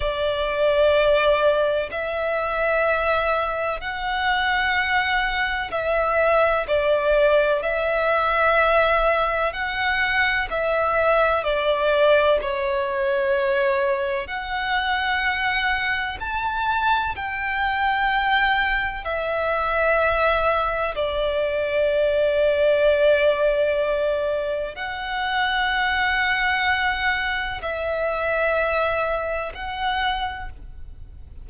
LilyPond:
\new Staff \with { instrumentName = "violin" } { \time 4/4 \tempo 4 = 63 d''2 e''2 | fis''2 e''4 d''4 | e''2 fis''4 e''4 | d''4 cis''2 fis''4~ |
fis''4 a''4 g''2 | e''2 d''2~ | d''2 fis''2~ | fis''4 e''2 fis''4 | }